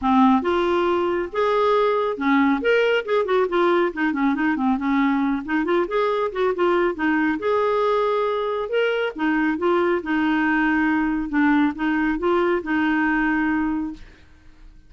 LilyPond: \new Staff \with { instrumentName = "clarinet" } { \time 4/4 \tempo 4 = 138 c'4 f'2 gis'4~ | gis'4 cis'4 ais'4 gis'8 fis'8 | f'4 dis'8 cis'8 dis'8 c'8 cis'4~ | cis'8 dis'8 f'8 gis'4 fis'8 f'4 |
dis'4 gis'2. | ais'4 dis'4 f'4 dis'4~ | dis'2 d'4 dis'4 | f'4 dis'2. | }